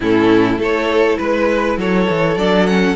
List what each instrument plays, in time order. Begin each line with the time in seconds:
0.00 cello A2, viola C#4, violin E4 A4
0.57 cello A3, viola E4, violin A4 C#5
1.17 cello G#3, violin B4
1.77 cello F#3, violin A4 C#5
2.09 cello E3
2.36 cello F#3, viola D4, violin D5
2.66 viola C#4, violin F#5